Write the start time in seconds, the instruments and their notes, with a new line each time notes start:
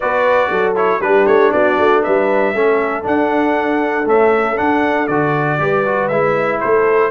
0.00 tuba B3, trombone F#4, horn B4, trumpet D5
0.50 tuba F#3, horn A4
0.75 trombone E4, trumpet C#5
0.99 tuba G3, trombone D4, horn G4, trumpet B4
1.26 tuba A3, trumpet C#5
1.51 tuba B3, horn F#4, trumpet D5
1.78 tuba A3
2.02 tuba G3, horn B4, trumpet E5
2.54 tuba A3, trombone C#4, horn A4
3.02 trombone D4, tuba D4, trumpet F#5
4.06 trombone A3, tuba C#4, trumpet E5
4.56 trombone D4, tuba D4, trumpet F#5
5.07 tuba D3, trombone F#4, trumpet D5
5.59 tuba G3, trombone G4, horn B4
5.85 trombone F#4
6.08 tuba G#3, trombone E4, trumpet E5
6.60 tuba A3, horn A4, trumpet C5